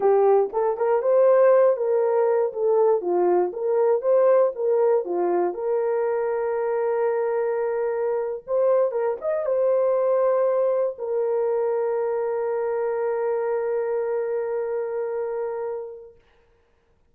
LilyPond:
\new Staff \with { instrumentName = "horn" } { \time 4/4 \tempo 4 = 119 g'4 a'8 ais'8 c''4. ais'8~ | ais'4 a'4 f'4 ais'4 | c''4 ais'4 f'4 ais'4~ | ais'1~ |
ais'8. c''4 ais'8 dis''8 c''4~ c''16~ | c''4.~ c''16 ais'2~ ais'16~ | ais'1~ | ais'1 | }